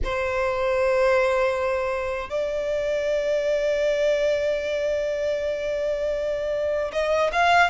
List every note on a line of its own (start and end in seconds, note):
0.03 2.29 C5
2.29 6.91 D5
6.92 7.30 D#5
7.32 7.70 F5